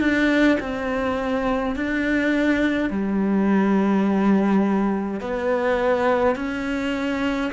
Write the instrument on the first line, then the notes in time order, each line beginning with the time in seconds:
cello
0.00 D4
0.60 C4
1.75 D4
2.90 G3
5.20 B3
6.36 C#4